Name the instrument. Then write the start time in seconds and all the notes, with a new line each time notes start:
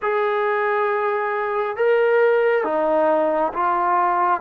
trombone
0.02 G#4
1.76 A#4
2.64 D#4
3.53 F4